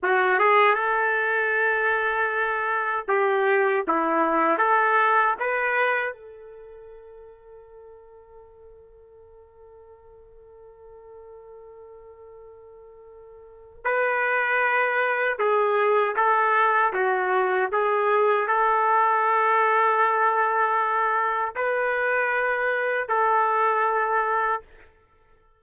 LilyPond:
\new Staff \with { instrumentName = "trumpet" } { \time 4/4 \tempo 4 = 78 fis'8 gis'8 a'2. | g'4 e'4 a'4 b'4 | a'1~ | a'1~ |
a'2 b'2 | gis'4 a'4 fis'4 gis'4 | a'1 | b'2 a'2 | }